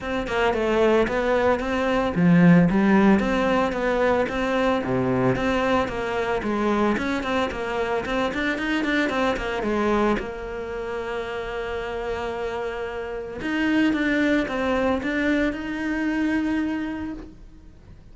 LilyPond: \new Staff \with { instrumentName = "cello" } { \time 4/4 \tempo 4 = 112 c'8 ais8 a4 b4 c'4 | f4 g4 c'4 b4 | c'4 c4 c'4 ais4 | gis4 cis'8 c'8 ais4 c'8 d'8 |
dis'8 d'8 c'8 ais8 gis4 ais4~ | ais1~ | ais4 dis'4 d'4 c'4 | d'4 dis'2. | }